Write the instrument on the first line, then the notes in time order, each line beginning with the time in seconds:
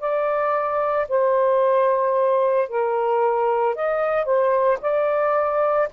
saxophone
0.00 D5
1.09 C5
2.69 A#4
3.75 D#5
4.25 C5
4.82 D5